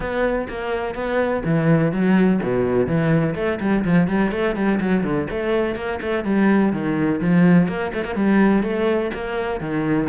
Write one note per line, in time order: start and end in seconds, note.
0.00 0.47 B3
0.48 0.94 A#3
0.94 1.42 B3
1.44 1.92 E3
1.92 2.40 F#3
2.43 2.86 B2
2.86 3.34 E3
3.35 3.59 A3
3.60 3.84 G3
3.84 4.07 F3
4.07 4.31 G3
4.31 4.55 A3
4.55 4.79 G3
4.80 5.03 F#3
5.03 5.27 D3
5.30 5.75 A3
5.75 5.99 A#3
6.01 6.24 A3
6.24 6.72 G3
6.72 7.20 D#3
7.20 7.68 F3
7.68 7.92 A#3
7.93 8.04 A3
8.04 8.15 A#3
8.15 8.63 G3
8.63 9.11 A3
9.13 9.60 A#3
9.60 10.08 D#3